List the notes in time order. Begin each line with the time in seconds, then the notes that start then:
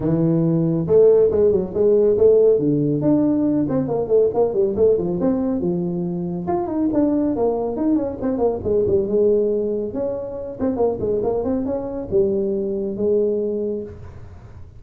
0.00 E3
0.87 A3
1.31 G#3
1.51 F#3
1.73 G#3
2.17 A3
2.59 D3
3.01 D4
3.68 C4
3.88 A#3
4.07 A3
4.34 A#3
4.53 G3
4.76 A3
4.98 F3
5.20 C4
5.60 F3
6.47 F4
6.67 D#4
6.93 D4
7.35 A#3
7.76 D#4
7.95 C#4
8.21 C4
8.38 A#3
8.63 G#3
8.86 G3
9.07 G#3
9.93 C#4
10.60 C4
10.76 A#3
11.00 G#3
11.23 A#3
11.44 C4
11.65 C#4
12.10 G3
12.97 G#3